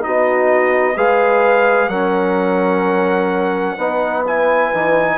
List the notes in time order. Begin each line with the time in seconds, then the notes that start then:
0.00 B3 D#4 F#4 D#5
0.95 G#3 G#4 B4 F5
1.88 F#3 C#4 A#4 F#5
3.77 B3 D#4 B4
4.27 E4 G#5
4.73 E3 D#4